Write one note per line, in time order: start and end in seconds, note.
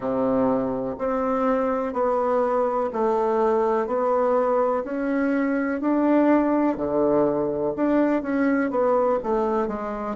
0.00 0.95 C3
0.98 1.93 C4
1.93 2.90 B3
2.93 3.87 A3
3.87 4.83 B3
4.84 5.80 C#4
5.80 6.76 D4
6.76 7.73 D3
7.76 8.22 D4
8.22 8.70 C#4
8.70 9.18 B3
9.23 9.67 A3
9.67 10.16 G#3